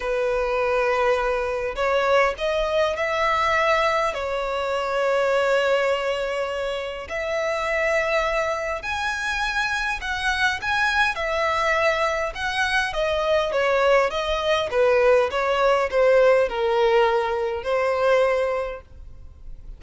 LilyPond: \new Staff \with { instrumentName = "violin" } { \time 4/4 \tempo 4 = 102 b'2. cis''4 | dis''4 e''2 cis''4~ | cis''1 | e''2. gis''4~ |
gis''4 fis''4 gis''4 e''4~ | e''4 fis''4 dis''4 cis''4 | dis''4 b'4 cis''4 c''4 | ais'2 c''2 | }